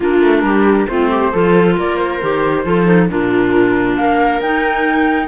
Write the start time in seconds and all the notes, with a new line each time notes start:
0.00 A#3 D4 F4 A#4
0.22 A3
0.42 G3 G4
0.87 A3 C4 F4 C5
1.11 G4
1.32 F3 F4 A4
1.75 A#3 A#4 D5
1.96 C5
2.21 D#3 G4
2.64 F3 F4 A4
2.85 D#4
3.09 A#2 D4 F4 A#4
3.96 A#3 A#4 F5
4.40 D#4 G5